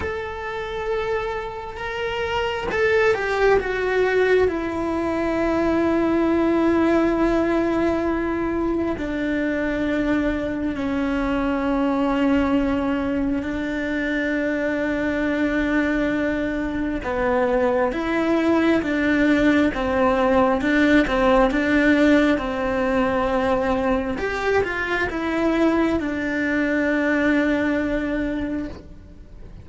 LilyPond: \new Staff \with { instrumentName = "cello" } { \time 4/4 \tempo 4 = 67 a'2 ais'4 a'8 g'8 | fis'4 e'2.~ | e'2 d'2 | cis'2. d'4~ |
d'2. b4 | e'4 d'4 c'4 d'8 c'8 | d'4 c'2 g'8 f'8 | e'4 d'2. | }